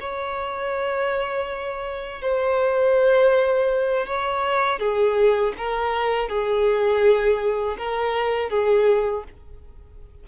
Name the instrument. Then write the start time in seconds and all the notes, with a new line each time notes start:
violin
0.00 C#5
2.22 C5
4.06 C#5
4.79 G#4
5.58 A#4
6.29 G#4
7.78 A#4
8.49 G#4